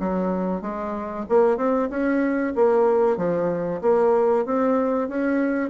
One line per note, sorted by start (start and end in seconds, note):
0.00 0.62 F#3
0.62 1.25 G#3
1.29 1.57 A#3
1.57 1.89 C4
1.90 2.54 C#4
2.56 3.17 A#3
3.17 3.81 F3
3.82 4.45 A#3
4.45 5.09 C4
5.09 5.70 C#4